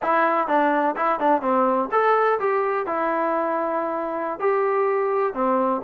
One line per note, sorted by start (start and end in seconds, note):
0.02 0.47 E4
0.47 0.95 D4
0.96 1.19 E4
1.19 1.41 D4
1.41 1.89 C4
1.91 2.39 A4
2.39 2.86 G4
2.86 4.39 E4
4.39 5.34 G4
5.34 5.81 C4